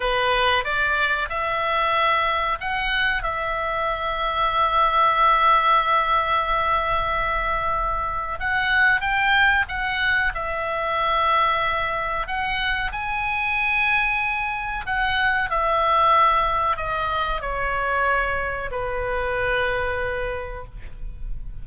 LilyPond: \new Staff \with { instrumentName = "oboe" } { \time 4/4 \tempo 4 = 93 b'4 d''4 e''2 | fis''4 e''2.~ | e''1~ | e''4 fis''4 g''4 fis''4 |
e''2. fis''4 | gis''2. fis''4 | e''2 dis''4 cis''4~ | cis''4 b'2. | }